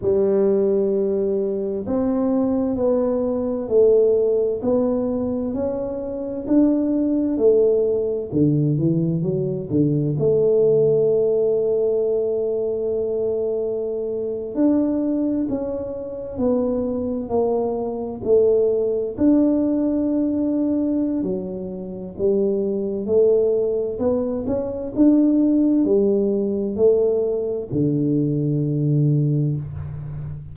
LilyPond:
\new Staff \with { instrumentName = "tuba" } { \time 4/4 \tempo 4 = 65 g2 c'4 b4 | a4 b4 cis'4 d'4 | a4 d8 e8 fis8 d8 a4~ | a2.~ a8. d'16~ |
d'8. cis'4 b4 ais4 a16~ | a8. d'2~ d'16 fis4 | g4 a4 b8 cis'8 d'4 | g4 a4 d2 | }